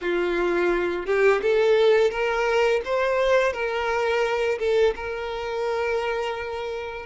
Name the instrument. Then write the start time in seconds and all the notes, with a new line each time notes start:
violin
0.01 F4
1.06 G4
1.42 A4
2.10 A#4
2.85 C5
3.52 A#4
4.59 A4
4.95 A#4